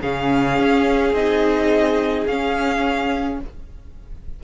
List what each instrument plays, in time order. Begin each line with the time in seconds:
0.00 cello C#3, viola C#4, violin G#4 F5
0.59 cello C#4
1.13 cello C4, viola D#4, violin D#5
2.27 cello C#4, viola C#4, violin F5